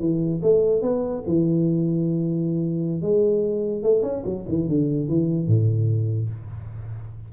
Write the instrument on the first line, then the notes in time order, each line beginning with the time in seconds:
tuba
0.00 E3
0.43 A3
0.82 B3
1.27 E3
3.02 G#3
3.83 A3
4.03 C#4
4.25 F#3
4.49 E3
4.68 D3
5.08 E3
5.47 A2